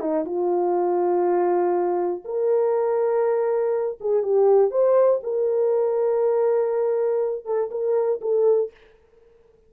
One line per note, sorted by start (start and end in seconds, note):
0.00 0.25 D#4
0.25 2.24 F4
2.25 3.98 A#4
4.01 4.23 G#4
4.23 4.71 G4
4.71 5.20 C5
5.23 7.45 A#4
7.45 7.70 A4
7.71 8.20 A#4
8.22 8.71 A4